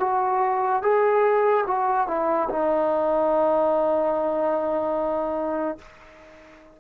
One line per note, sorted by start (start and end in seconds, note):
0.00 0.82 F#4
0.82 1.64 G#4
1.67 2.07 F#4
2.07 2.48 E4
2.49 5.78 D#4